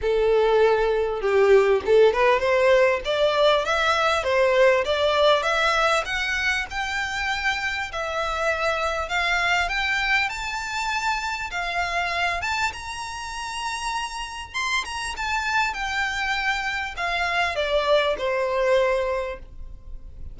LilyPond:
\new Staff \with { instrumentName = "violin" } { \time 4/4 \tempo 4 = 99 a'2 g'4 a'8 b'8 | c''4 d''4 e''4 c''4 | d''4 e''4 fis''4 g''4~ | g''4 e''2 f''4 |
g''4 a''2 f''4~ | f''8 a''8 ais''2. | c'''8 ais''8 a''4 g''2 | f''4 d''4 c''2 | }